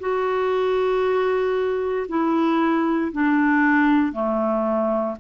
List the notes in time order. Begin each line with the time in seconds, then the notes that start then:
0.00 F#4
2.09 E4
3.12 D4
4.13 A3